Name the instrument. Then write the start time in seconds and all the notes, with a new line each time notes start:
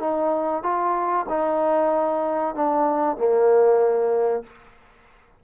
trombone
0.00 D#4
0.63 F4
1.29 D#4
2.55 D4
3.17 A#3